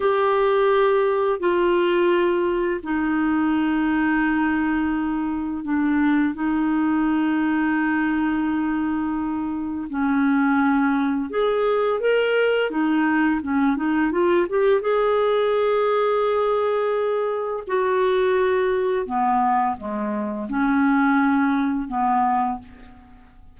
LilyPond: \new Staff \with { instrumentName = "clarinet" } { \time 4/4 \tempo 4 = 85 g'2 f'2 | dis'1 | d'4 dis'2.~ | dis'2 cis'2 |
gis'4 ais'4 dis'4 cis'8 dis'8 | f'8 g'8 gis'2.~ | gis'4 fis'2 b4 | gis4 cis'2 b4 | }